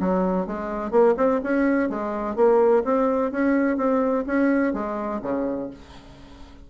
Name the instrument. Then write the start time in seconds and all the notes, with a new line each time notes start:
bassoon
0.00 F#3
0.47 G#3
0.91 A#3
1.17 C4
1.44 C#4
1.89 G#3
2.36 A#3
2.84 C4
3.31 C#4
3.77 C4
4.27 C#4
4.73 G#3
5.23 C#3